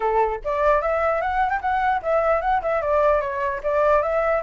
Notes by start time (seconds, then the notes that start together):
0.00 A4
0.44 D5
0.81 E5
1.21 F#5
1.50 G5
1.61 F#5
2.02 E5
2.41 F#5
2.62 E5
2.81 D5
3.20 C#5
3.63 D5
4.02 E5